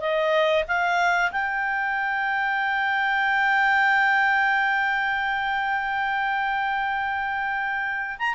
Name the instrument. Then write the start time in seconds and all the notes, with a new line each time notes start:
clarinet
0.00 D#5
0.68 F5
1.31 G5
8.18 A#5